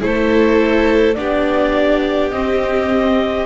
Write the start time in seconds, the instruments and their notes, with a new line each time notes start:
0.00 double bass A3, viola E4, violin A4, clarinet C5
1.14 double bass B3, viola D4, violin G4, clarinet D5
2.30 double bass C4, viola C4, clarinet D#5